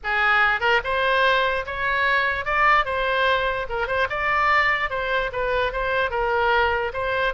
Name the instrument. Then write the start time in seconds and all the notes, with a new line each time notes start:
oboe
0.03 G#4
0.60 A#4
0.84 C5
1.65 C#5
2.45 D5
2.85 C5
3.69 A#4
3.87 C5
4.09 D5
4.90 C5
5.32 B4
5.72 C5
6.10 A#4
6.93 C5